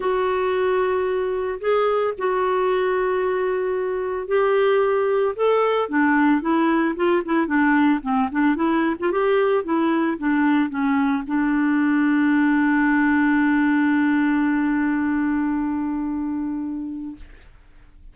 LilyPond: \new Staff \with { instrumentName = "clarinet" } { \time 4/4 \tempo 4 = 112 fis'2. gis'4 | fis'1 | g'2 a'4 d'4 | e'4 f'8 e'8 d'4 c'8 d'8 |
e'8. f'16 g'4 e'4 d'4 | cis'4 d'2.~ | d'1~ | d'1 | }